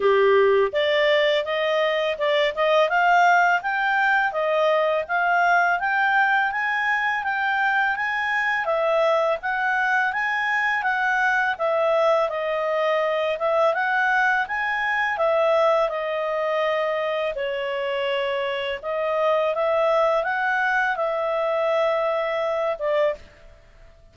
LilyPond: \new Staff \with { instrumentName = "clarinet" } { \time 4/4 \tempo 4 = 83 g'4 d''4 dis''4 d''8 dis''8 | f''4 g''4 dis''4 f''4 | g''4 gis''4 g''4 gis''4 | e''4 fis''4 gis''4 fis''4 |
e''4 dis''4. e''8 fis''4 | gis''4 e''4 dis''2 | cis''2 dis''4 e''4 | fis''4 e''2~ e''8 d''8 | }